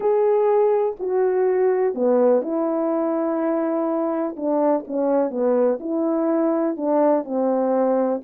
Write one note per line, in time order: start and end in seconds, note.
0.00 0.96 G#4
0.99 1.94 F#4
1.94 2.42 B3
2.42 4.35 E4
4.36 4.84 D4
4.87 5.30 C#4
5.30 5.78 B3
5.80 6.76 E4
6.76 7.24 D4
7.24 8.21 C4